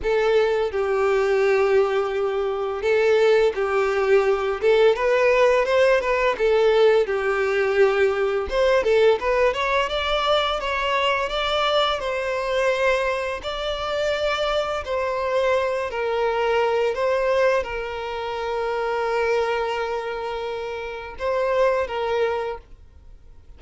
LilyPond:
\new Staff \with { instrumentName = "violin" } { \time 4/4 \tempo 4 = 85 a'4 g'2. | a'4 g'4. a'8 b'4 | c''8 b'8 a'4 g'2 | c''8 a'8 b'8 cis''8 d''4 cis''4 |
d''4 c''2 d''4~ | d''4 c''4. ais'4. | c''4 ais'2.~ | ais'2 c''4 ais'4 | }